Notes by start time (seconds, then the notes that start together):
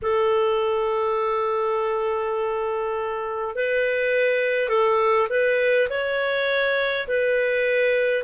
0.02 A4
3.55 B4
4.68 A4
5.29 B4
5.89 C#5
7.07 B4